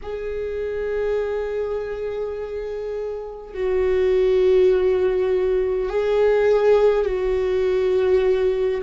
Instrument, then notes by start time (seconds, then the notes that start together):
viola
0.02 G#4
3.53 F#4
5.89 G#4
7.05 F#4